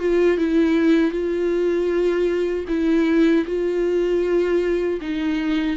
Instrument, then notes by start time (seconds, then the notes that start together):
viola
0.00 F4
0.38 E4
1.12 F4
2.68 E4
3.47 F4
5.01 D#4